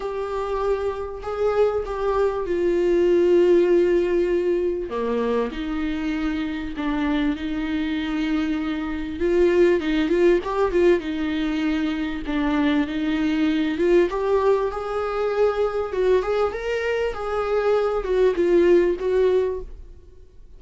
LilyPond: \new Staff \with { instrumentName = "viola" } { \time 4/4 \tempo 4 = 98 g'2 gis'4 g'4 | f'1 | ais4 dis'2 d'4 | dis'2. f'4 |
dis'8 f'8 g'8 f'8 dis'2 | d'4 dis'4. f'8 g'4 | gis'2 fis'8 gis'8 ais'4 | gis'4. fis'8 f'4 fis'4 | }